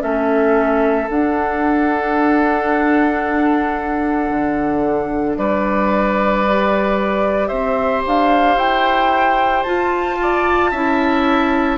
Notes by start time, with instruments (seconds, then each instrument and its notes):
0.00 bassoon A3, clarinet C#4, oboe A4, flute E5
1.10 bassoon D4, clarinet D4, flute F#5
4.30 bassoon D3
5.37 bassoon G3, oboe B4, flute D5
6.46 clarinet G4
7.48 bassoon C4, oboe C5, flute E5
8.07 bassoon D4, flute F5
8.57 bassoon E4, flute G5
9.64 clarinet F4, bassoon F4, flute A5
10.22 oboe D5
10.71 bassoon C#4, clarinet E4, oboe E5